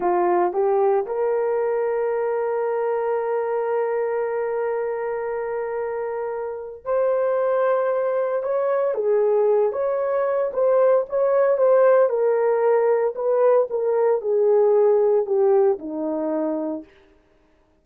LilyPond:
\new Staff \with { instrumentName = "horn" } { \time 4/4 \tempo 4 = 114 f'4 g'4 ais'2~ | ais'1~ | ais'1~ | ais'4 c''2. |
cis''4 gis'4. cis''4. | c''4 cis''4 c''4 ais'4~ | ais'4 b'4 ais'4 gis'4~ | gis'4 g'4 dis'2 | }